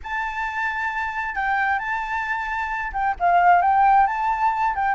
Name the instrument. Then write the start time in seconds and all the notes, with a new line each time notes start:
flute
0.03 A5
1.35 G5
1.78 A5
2.92 G5
3.19 F5
3.61 G5
4.07 A5
4.75 G5